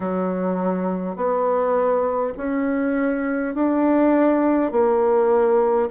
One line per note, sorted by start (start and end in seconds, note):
0.00 1.16 F#3
1.16 2.33 B3
2.37 3.55 C#4
3.55 4.71 D4
4.71 5.89 A#3